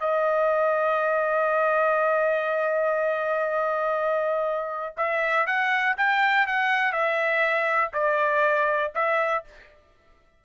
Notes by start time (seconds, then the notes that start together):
0.00 D#5
4.97 E5
5.47 F#5
5.97 G5
6.47 F#5
6.93 E5
7.93 D5
8.95 E5